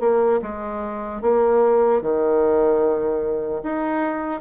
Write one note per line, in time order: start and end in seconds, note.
0.00 0.40 A#3
0.42 1.21 G#3
1.21 2.01 A#3
2.02 3.62 D#3
3.63 4.41 D#4